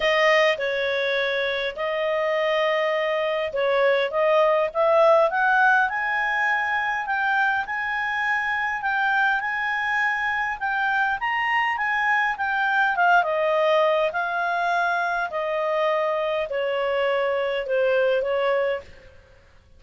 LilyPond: \new Staff \with { instrumentName = "clarinet" } { \time 4/4 \tempo 4 = 102 dis''4 cis''2 dis''4~ | dis''2 cis''4 dis''4 | e''4 fis''4 gis''2 | g''4 gis''2 g''4 |
gis''2 g''4 ais''4 | gis''4 g''4 f''8 dis''4. | f''2 dis''2 | cis''2 c''4 cis''4 | }